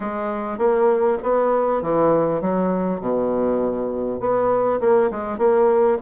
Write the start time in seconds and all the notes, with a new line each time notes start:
0.00 G#3
0.58 A#3
1.22 B3
1.82 E3
2.41 F#3
3.00 B2
4.19 B3
4.80 A#3
5.11 G#3
5.38 A#3